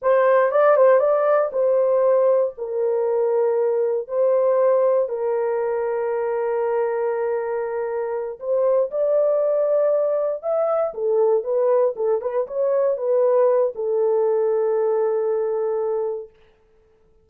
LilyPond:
\new Staff \with { instrumentName = "horn" } { \time 4/4 \tempo 4 = 118 c''4 d''8 c''8 d''4 c''4~ | c''4 ais'2. | c''2 ais'2~ | ais'1~ |
ais'8 c''4 d''2~ d''8~ | d''8 e''4 a'4 b'4 a'8 | b'8 cis''4 b'4. a'4~ | a'1 | }